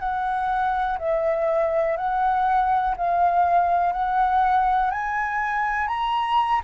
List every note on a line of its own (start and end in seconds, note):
0.00 0.98 F#5
0.99 1.97 E5
1.97 2.96 F#5
2.97 3.93 F5
3.93 4.91 F#5
4.91 5.88 G#5
5.88 6.62 A#5